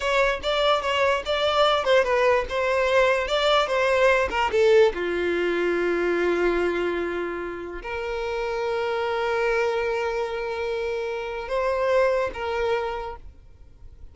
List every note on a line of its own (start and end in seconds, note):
0.00 0.40 C#5
0.43 0.81 D5
0.81 1.22 C#5
1.25 1.84 D5
1.84 2.04 C5
2.04 2.45 B4
2.49 3.27 C5
3.27 3.67 D5
3.67 4.28 C5
4.30 4.50 A#4
4.51 4.92 A4
4.94 7.81 F4
7.82 11.48 A#4
11.48 12.30 C5
12.33 13.16 A#4